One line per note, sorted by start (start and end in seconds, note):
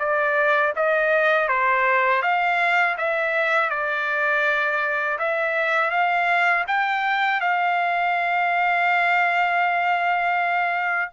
0.00 0.74 D5
0.76 1.49 D#5
1.49 2.23 C5
2.23 2.97 F5
2.98 3.70 E5
3.70 5.19 D5
5.19 5.91 E5
5.91 6.65 F5
6.68 7.41 G5
7.41 11.12 F5